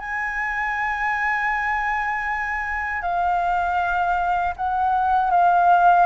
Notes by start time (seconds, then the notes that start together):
0.00 G#5
3.02 F5
4.57 F#5
5.31 F5